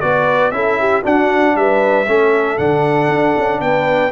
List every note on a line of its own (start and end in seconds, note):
0.00 0.51 B3
0.00 0.52 F#4
0.00 0.52 B4
0.00 0.51 D5
0.51 1.03 C#4
0.51 1.03 E4
0.51 0.79 A4
0.51 1.02 E5
0.79 1.02 G4
1.02 2.05 D4
1.02 1.55 D4
1.02 1.53 F#4
1.02 1.56 F#5
1.55 2.06 G3
1.55 2.07 B4
1.55 2.57 E5
2.06 2.58 A3
2.06 2.57 C#4
2.06 3.61 A4
2.57 3.08 D3
2.57 4.11 D4
2.57 3.60 F#5
3.08 3.34 D4
3.37 3.61 C#4
3.61 4.11 B3
3.61 4.11 B4
3.61 4.11 G5